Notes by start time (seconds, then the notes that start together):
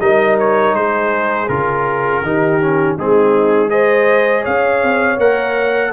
0.00 G3 D#4 A#4 D#5
0.40 C#5
0.74 G#3 G#4 C5
1.49 C#3 F4 A#4
2.23 D#3 D#4 G4
2.62 C#4
2.98 G#3 C4 D#4 G#4
3.69 G#4 C5 D#5
4.42 C#4 C#5 F5
4.84 C4
5.18 A#3 A#4 F#5